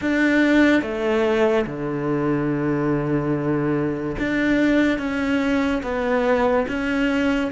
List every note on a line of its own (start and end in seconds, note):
0.01 0.81 D4
0.81 1.65 A3
1.66 4.16 D3
4.18 4.98 D4
4.98 5.81 C#4
5.82 6.66 B3
6.67 7.51 C#4